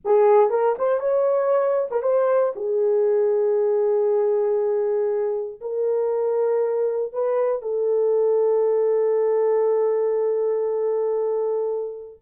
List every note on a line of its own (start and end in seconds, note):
0.04 0.50 G#4
0.50 0.75 A#4
0.78 1.00 C5
1.00 1.89 C#5
1.90 2.02 A#4
2.02 2.53 C5
2.55 5.60 G#4
5.60 7.13 A#4
7.13 7.62 B4
7.62 12.19 A4